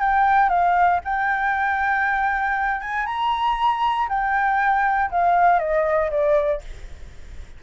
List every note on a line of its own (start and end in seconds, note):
0.00 0.49 G5
0.49 1.00 F5
1.04 2.81 G5
2.81 3.06 G#5
3.06 4.08 A#5
4.09 5.10 G5
5.11 5.59 F5
5.59 6.10 D#5
6.10 6.61 D5